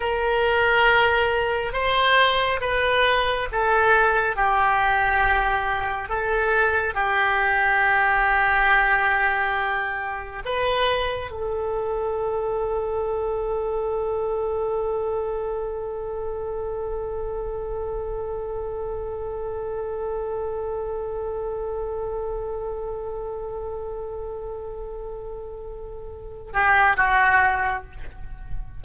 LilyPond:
\new Staff \with { instrumentName = "oboe" } { \time 4/4 \tempo 4 = 69 ais'2 c''4 b'4 | a'4 g'2 a'4 | g'1 | b'4 a'2.~ |
a'1~ | a'1~ | a'1~ | a'2~ a'8 g'8 fis'4 | }